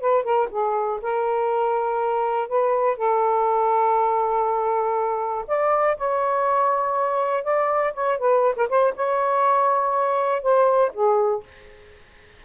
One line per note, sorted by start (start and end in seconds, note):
0.00 0.24 B4
0.24 0.49 A#4
0.50 1.00 G#4
1.02 2.48 A#4
2.48 2.97 B4
2.97 5.45 A4
5.47 5.97 D5
5.97 7.44 C#5
7.44 7.93 D5
7.94 8.18 C#5
8.18 8.55 B4
8.56 8.68 A#4
8.69 8.94 C5
8.96 10.42 C#5
10.42 10.92 C5
10.94 11.43 G#4